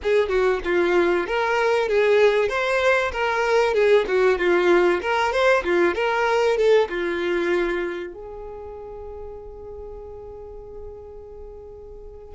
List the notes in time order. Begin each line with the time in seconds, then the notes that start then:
0.02 G#4
0.28 F#4
0.64 F4
1.27 A#4
1.88 G#4
2.49 C5
3.12 A#4
3.73 G#4
4.07 F#4
4.38 F4
5.01 A#4
5.32 C5
5.64 F4
5.94 A#4
6.57 A4
6.89 F4
8.13 G#4